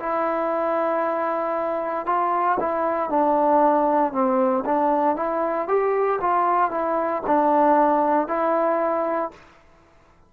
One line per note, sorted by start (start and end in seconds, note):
0.00 2.06 E4
2.06 2.58 F4
2.60 3.10 E4
3.10 4.13 D4
4.13 4.65 C4
4.66 5.16 D4
5.16 5.68 E4
5.68 6.20 G4
6.21 6.71 F4
6.71 7.23 E4
7.26 8.28 D4
8.28 9.32 E4